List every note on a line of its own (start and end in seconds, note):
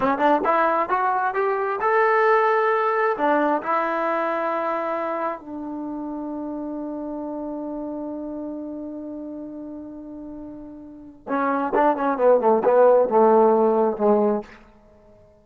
0.00 0.18 C#4
0.18 0.41 D4
0.44 0.89 E4
0.89 1.34 F#4
1.34 1.79 G4
1.81 3.16 A4
3.17 3.62 D4
3.62 5.39 E4
5.39 11.26 D4
11.28 11.73 C#4
11.74 11.96 D4
11.96 12.17 C#4
12.17 12.40 B3
12.40 12.63 A3
12.64 13.08 B3
13.08 13.97 A3
13.97 14.42 G#3